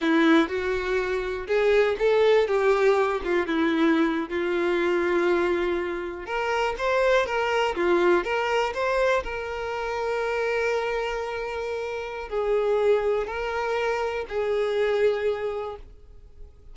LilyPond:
\new Staff \with { instrumentName = "violin" } { \time 4/4 \tempo 4 = 122 e'4 fis'2 gis'4 | a'4 g'4. f'8 e'4~ | e'8. f'2.~ f'16~ | f'8. ais'4 c''4 ais'4 f'16~ |
f'8. ais'4 c''4 ais'4~ ais'16~ | ais'1~ | ais'4 gis'2 ais'4~ | ais'4 gis'2. | }